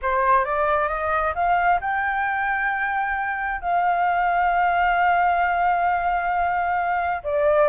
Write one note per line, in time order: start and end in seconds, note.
0.02 0.44 C5
0.44 0.88 D5
0.88 1.33 D#5
1.35 1.80 F5
1.80 3.61 G5
3.61 7.22 F5
7.23 7.68 D5